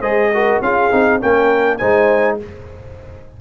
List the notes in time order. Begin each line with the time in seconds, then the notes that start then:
0.00 G#3 G#4 C5 D#5
0.34 F#4 A#4
0.61 C#4 F4 G#4 F5
0.91 C4 D#4
1.21 A#3 C#4 A#4 G5
1.77 G#3 D#4 C5 G#5